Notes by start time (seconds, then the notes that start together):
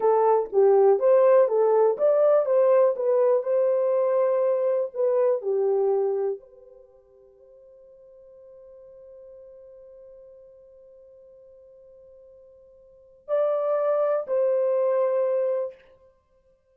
0.00 A4
0.52 G4
0.99 C5
1.48 A4
1.97 D5
2.45 C5
2.96 B4
3.42 C5
4.94 B4
5.41 G4
6.40 C5
13.28 D5
14.27 C5